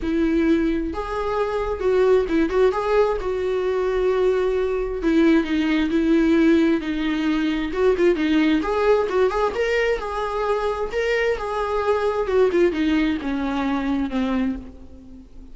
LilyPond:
\new Staff \with { instrumentName = "viola" } { \time 4/4 \tempo 4 = 132 e'2 gis'2 | fis'4 e'8 fis'8 gis'4 fis'4~ | fis'2. e'4 | dis'4 e'2 dis'4~ |
dis'4 fis'8 f'8 dis'4 gis'4 | fis'8 gis'8 ais'4 gis'2 | ais'4 gis'2 fis'8 f'8 | dis'4 cis'2 c'4 | }